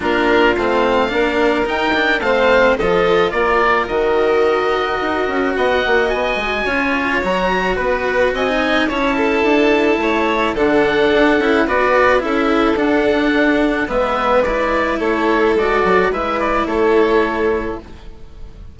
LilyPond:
<<
  \new Staff \with { instrumentName = "oboe" } { \time 4/4 \tempo 4 = 108 ais'4 f''2 g''4 | f''4 dis''4 d''4 dis''4~ | dis''2 fis''4 gis''4~ | gis''4 ais''4 b'4 gis''4 |
a''2. fis''4~ | fis''4 d''4 e''4 fis''4~ | fis''4 e''4 d''4 cis''4 | d''4 e''8 d''8 cis''2 | }
  \new Staff \with { instrumentName = "violin" } { \time 4/4 f'2 ais'2 | c''4 a'4 ais'2~ | ais'2 dis''2 | cis''2 b'4 dis''4 |
cis''8 a'4. cis''4 a'4~ | a'4 b'4 a'2~ | a'4 b'2 a'4~ | a'4 b'4 a'2 | }
  \new Staff \with { instrumentName = "cello" } { \time 4/4 d'4 c'4 d'4 dis'8 d'8 | c'4 f'2 fis'4~ | fis'1 | f'4 fis'2~ fis'16 dis'8. |
e'2. d'4~ | d'8 e'8 fis'4 e'4 d'4~ | d'4 b4 e'2 | fis'4 e'2. | }
  \new Staff \with { instrumentName = "bassoon" } { \time 4/4 ais4 a4 ais4 dis'4 | a4 f4 ais4 dis4~ | dis4 dis'8 cis'8 b8 ais8 b8 gis8 | cis'4 fis4 b4 c'4 |
cis'4 d'4 a4 d4 | d'8 cis'8 b4 cis'4 d'4~ | d'4 gis2 a4 | gis8 fis8 gis4 a2 | }
>>